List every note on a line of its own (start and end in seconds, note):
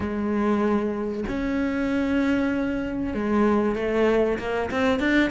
0.00 1.24 G#3
1.28 3.13 C#4
3.13 3.75 G#3
3.75 4.38 A3
4.39 4.70 A#3
4.70 4.99 C4
4.99 5.30 D4